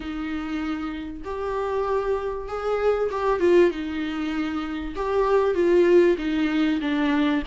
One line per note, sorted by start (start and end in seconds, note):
0.00 1.22 D#4
1.24 2.48 G4
2.48 3.10 G#4
3.10 3.40 G4
3.40 3.71 F4
3.71 4.94 D#4
4.95 5.54 G4
5.54 6.16 F4
6.18 6.80 D#4
6.81 7.43 D4